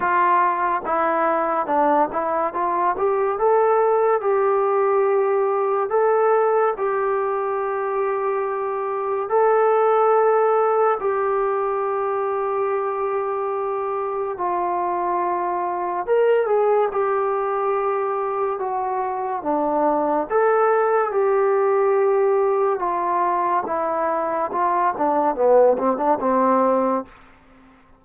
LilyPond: \new Staff \with { instrumentName = "trombone" } { \time 4/4 \tempo 4 = 71 f'4 e'4 d'8 e'8 f'8 g'8 | a'4 g'2 a'4 | g'2. a'4~ | a'4 g'2.~ |
g'4 f'2 ais'8 gis'8 | g'2 fis'4 d'4 | a'4 g'2 f'4 | e'4 f'8 d'8 b8 c'16 d'16 c'4 | }